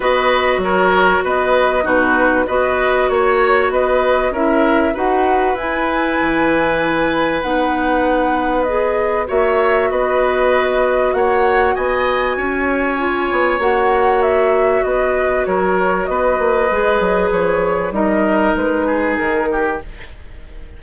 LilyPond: <<
  \new Staff \with { instrumentName = "flute" } { \time 4/4 \tempo 4 = 97 dis''4 cis''4 dis''4 b'4 | dis''4 cis''4 dis''4 e''4 | fis''4 gis''2. | fis''2 dis''4 e''4 |
dis''2 fis''4 gis''4~ | gis''2 fis''4 e''4 | dis''4 cis''4 dis''2 | cis''4 dis''4 b'4 ais'4 | }
  \new Staff \with { instrumentName = "oboe" } { \time 4/4 b'4 ais'4 b'4 fis'4 | b'4 cis''4 b'4 ais'4 | b'1~ | b'2. cis''4 |
b'2 cis''4 dis''4 | cis''1 | b'4 ais'4 b'2~ | b'4 ais'4. gis'4 g'8 | }
  \new Staff \with { instrumentName = "clarinet" } { \time 4/4 fis'2. dis'4 | fis'2. e'4 | fis'4 e'2. | dis'2 gis'4 fis'4~ |
fis'1~ | fis'4 f'4 fis'2~ | fis'2. gis'4~ | gis'4 dis'2. | }
  \new Staff \with { instrumentName = "bassoon" } { \time 4/4 b4 fis4 b4 b,4 | b4 ais4 b4 cis'4 | dis'4 e'4 e2 | b2. ais4 |
b2 ais4 b4 | cis'4. b8 ais2 | b4 fis4 b8 ais8 gis8 fis8 | f4 g4 gis4 dis4 | }
>>